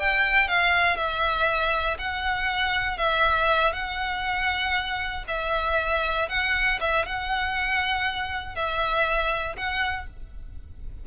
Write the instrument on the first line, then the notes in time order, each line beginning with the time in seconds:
violin
0.00 G5
0.48 F5
0.97 E5
1.99 F#5
2.98 E5
3.73 F#5
5.28 E5
6.29 F#5
6.81 E5
7.06 F#5
8.56 E5
9.57 F#5